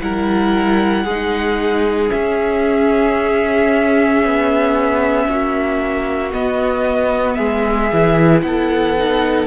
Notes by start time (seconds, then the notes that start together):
0.00 G3 E4 A#4 F#5
1.04 G#3 D#4 G#4
2.09 C#4 E5
4.24 B3
5.28 A#3 F#4
6.32 B3 D#5
7.34 G#3 G#4 E5
7.92 E3 E4
8.42 B3 A4 F#5
8.97 D#4